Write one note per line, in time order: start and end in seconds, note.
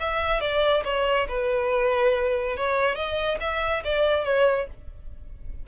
0.00 0.41 E5
0.41 0.84 D5
0.85 1.28 C#5
1.29 2.57 B4
2.57 2.96 C#5
2.96 3.39 D#5
3.41 3.84 E5
3.85 4.25 D5
4.25 4.68 C#5